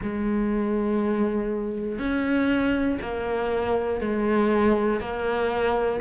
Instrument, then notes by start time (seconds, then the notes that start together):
cello
0.02 G#3
1.98 C#4
3.01 A#3
4.00 G#3
5.00 A#3